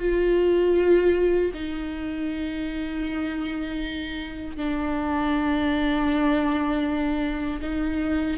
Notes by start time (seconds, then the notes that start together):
0.00 F4
1.54 D#4
4.57 D4
7.62 D#4